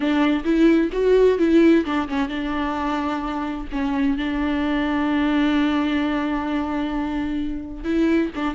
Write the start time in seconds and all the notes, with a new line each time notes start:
0.00 D4
0.44 E4
0.92 F#4
1.38 E4
1.85 D4
2.08 C#4
2.28 D4
3.72 C#4
4.17 D4
7.84 E4
8.35 D4